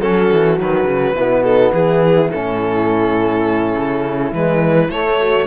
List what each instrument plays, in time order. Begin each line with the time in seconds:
0.00 cello F#3, trombone C#4, horn F#4, violin A4
0.32 cello E3
0.57 cello D#3, trombone F#3, violin B4
0.84 cello C#3
1.13 cello B2, trombone B3, horn E4
1.43 horn D#4, violin A4
1.72 cello E3, horn E4, violin G#4
2.30 cello A2, trombone C#4, violin A4
3.74 cello C#3
4.32 cello E3, trombone G#3, violin B4
4.89 cello A3, trombone A3, violin C#5
5.19 horn F#4